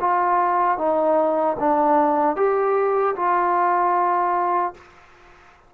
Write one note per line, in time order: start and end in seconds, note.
0.00 0.78 F4
0.78 1.56 D#4
1.59 2.36 D4
2.36 3.15 G4
3.16 4.74 F4